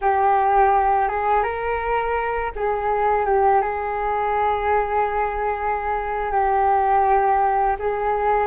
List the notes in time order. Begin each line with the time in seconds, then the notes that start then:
0.01 G4
1.08 G#4
1.43 A#4
2.55 G#4
3.25 G4
3.61 G#4
6.32 G4
7.79 G#4